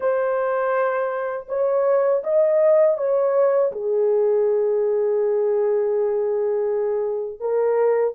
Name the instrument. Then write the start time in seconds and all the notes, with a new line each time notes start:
horn
0.00 C5
1.48 C#5
2.23 D#5
2.97 C#5
3.72 G#4
7.39 A#4